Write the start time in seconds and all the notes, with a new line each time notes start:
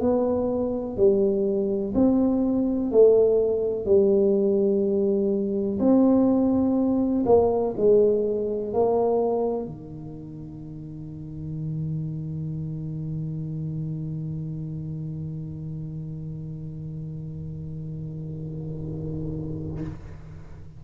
0.00 B3
0.97 G3
1.94 C4
2.91 A3
3.85 G3
5.79 C4
7.26 A#3
7.77 G#3
8.73 A#3
9.65 D#3